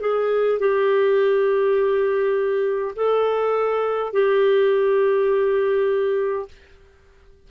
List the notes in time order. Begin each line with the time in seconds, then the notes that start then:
0.00 G#4
0.59 G4
2.95 A4
4.12 G4